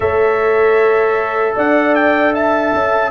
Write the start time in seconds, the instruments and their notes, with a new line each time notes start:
0.00 tuba A3, trombone A4, horn C#5, trumpet E5
1.55 tuba D4, horn D5, trumpet F#5
1.94 trumpet G5
2.33 horn E5, trumpet A5
2.73 tuba C#4